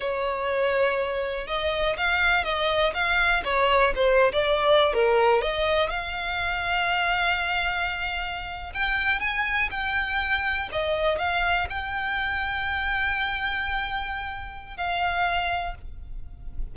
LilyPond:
\new Staff \with { instrumentName = "violin" } { \time 4/4 \tempo 4 = 122 cis''2. dis''4 | f''4 dis''4 f''4 cis''4 | c''8. d''4~ d''16 ais'4 dis''4 | f''1~ |
f''4.~ f''16 g''4 gis''4 g''16~ | g''4.~ g''16 dis''4 f''4 g''16~ | g''1~ | g''2 f''2 | }